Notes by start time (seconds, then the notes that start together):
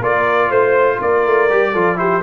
0.00 A#3 F4 A#4 D5
0.49 A3 C5
1.01 A#3 A#4 D5
1.26 A3
1.49 G3 G4
1.72 F3 F4 A4
1.96 E4 G4 C5